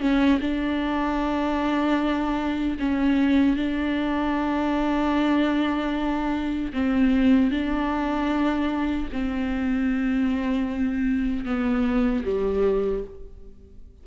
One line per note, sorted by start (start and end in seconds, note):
0.00 0.39 C#4
0.41 2.78 D4
2.79 3.57 C#4
3.57 6.72 D4
6.73 7.51 C4
7.51 9.09 D4
9.12 11.45 C4
11.45 12.24 B3
12.25 13.04 G3